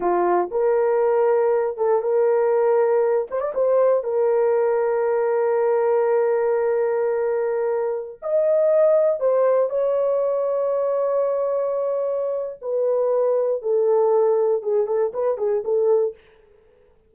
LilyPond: \new Staff \with { instrumentName = "horn" } { \time 4/4 \tempo 4 = 119 f'4 ais'2~ ais'8 a'8 | ais'2~ ais'8 c''16 d''16 c''4 | ais'1~ | ais'1~ |
ais'16 dis''2 c''4 cis''8.~ | cis''1~ | cis''4 b'2 a'4~ | a'4 gis'8 a'8 b'8 gis'8 a'4 | }